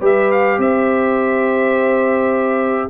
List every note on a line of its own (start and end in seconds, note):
0.00 0.58 G3
0.00 2.89 G4
0.00 0.58 B4
0.00 0.31 E5
0.31 0.60 F5
0.58 2.89 C4
0.58 2.90 C5
0.58 2.90 E5